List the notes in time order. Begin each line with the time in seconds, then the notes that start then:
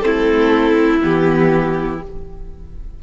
0.00 A3 C4 E4 A4
1.02 E3 B3 G4